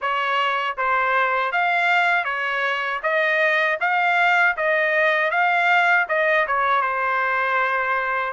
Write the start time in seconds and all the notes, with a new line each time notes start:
0.01 C#5
0.77 C5
1.52 F5
2.24 C#5
3.02 D#5
3.80 F5
4.56 D#5
5.30 F5
6.08 D#5
6.47 C#5
6.81 C5